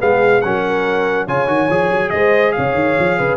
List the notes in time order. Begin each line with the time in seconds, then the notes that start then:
0.00 G#3 B3 G#4 F5
0.42 F#3 C#4 A#4 F#5
1.27 C#3 F4 C#5 G#5
1.48 D#3 F#4
1.70 F3 G#4
1.92 F#3
2.10 G#3 C5 D#5
2.53 C#3 C#5 F5
2.75 D#3
2.99 F3
3.19 C#3 B4